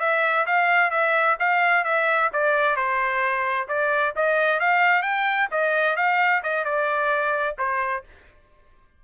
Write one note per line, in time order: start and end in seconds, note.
0.00 0.46 E5
0.46 0.91 F5
0.91 1.37 E5
1.40 1.84 F5
1.84 2.30 E5
2.33 2.76 D5
2.76 3.68 C5
3.68 4.14 D5
4.16 4.60 D#5
4.60 5.03 F5
5.03 5.48 G5
5.51 5.96 D#5
5.96 6.42 F5
6.43 6.65 D#5
6.65 7.57 D5
7.58 8.04 C5